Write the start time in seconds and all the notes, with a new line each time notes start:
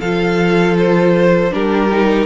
0.00 F3 F4 A4 F5
0.78 C5
1.51 G3 D4 G4 A#4
1.91 D#4